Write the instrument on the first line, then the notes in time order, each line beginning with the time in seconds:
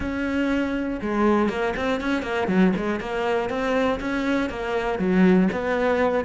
cello
0.00 C#4
1.01 G#3
1.49 A#3
1.76 C4
2.00 C#4
2.22 A#3
2.47 F#3
2.76 G#3
3.00 A#3
3.49 C4
4.00 C#4
4.49 A#3
4.98 F#3
5.52 B3